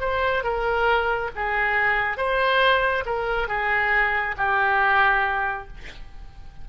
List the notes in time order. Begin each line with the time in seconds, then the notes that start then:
0.00 C5
0.43 A#4
1.36 G#4
2.17 C5
3.06 A#4
3.48 G#4
4.37 G4